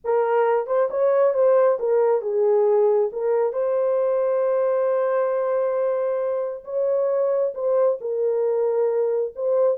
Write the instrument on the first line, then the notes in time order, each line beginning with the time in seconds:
horn
0.04 A#4
0.66 C5
0.90 C#5
1.34 C5
1.79 A#4
2.21 G#4
3.12 A#4
3.53 C5
6.64 C#5
7.54 C5
8.00 A#4
9.35 C5